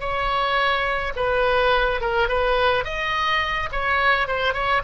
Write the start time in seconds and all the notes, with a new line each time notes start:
0.00 C#5
1.16 B4
2.01 A#4
2.28 B4
2.84 D#5
3.72 C#5
4.27 C5
4.54 C#5